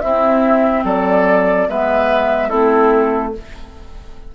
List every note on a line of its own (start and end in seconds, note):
0.00 1.68 C4
0.00 0.84 C4
0.00 0.84 E4
0.00 0.83 E5
0.84 1.67 F#3
0.84 1.67 A4
0.84 1.69 D5
1.68 2.51 G#3
1.68 2.49 B3
1.68 2.49 B4
1.68 2.49 E5
2.49 3.34 A3
2.49 3.32 C4
2.49 3.32 E4
2.49 3.32 A4